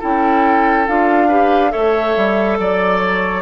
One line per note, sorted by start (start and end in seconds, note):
0.00 0.88 C#4
0.00 0.86 E4
0.00 1.28 A4
0.00 0.88 G5
0.88 1.74 D4
0.88 1.30 F4
0.88 1.72 F5
1.28 1.70 G4
1.28 1.71 B4
1.70 2.17 A3
1.70 3.42 A4
1.70 2.58 C#5
1.70 2.58 E5
2.17 2.59 G3
2.59 3.42 F#3
2.59 3.42 D5
2.59 3.00 D5
3.00 3.42 C#5